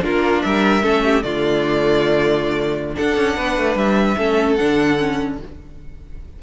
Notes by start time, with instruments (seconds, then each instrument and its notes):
0.00 cello A#3, viola D4, violin F4 A#4
0.42 cello G3, violin A#4 E5
0.82 cello A3, viola C#4, violin A4
1.04 violin G4
1.22 cello D3, viola A3, violin F4 D5
2.94 viola D4, cello D4, violin A4 F#5
3.16 cello C#4
3.36 cello B3, violin B4
3.57 cello A3
3.75 cello G3, violin E5
4.17 cello A3, viola C#4, violin A4
4.55 viola D4, violin F#5
4.61 cello D3
4.98 viola C#4